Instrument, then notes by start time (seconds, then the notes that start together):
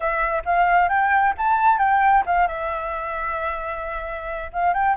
flute
0.00 E5
0.45 F5
0.88 G5
1.37 A5
1.78 G5
2.26 F5
2.47 E5
4.53 F5
4.73 G5